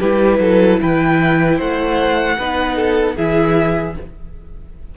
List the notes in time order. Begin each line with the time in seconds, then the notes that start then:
0.00 G3 E4 G4 B4
0.40 F#3 A4
0.82 E3 B4 G5
1.57 A3 C5 F#5
2.38 B3 D#4 B4
2.76 A4
3.16 E3 E4 G#4 E5